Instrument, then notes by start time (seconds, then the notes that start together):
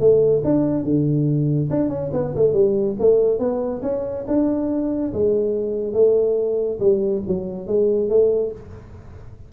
tuba
0.00 A3
0.44 D4
0.84 D3
1.70 D4
1.89 C#4
2.13 B3
2.36 A3
2.54 G3
3.00 A3
3.39 B3
3.83 C#4
4.28 D4
5.13 G#3
5.94 A3
6.80 G3
7.27 F#3
7.67 G#3
8.09 A3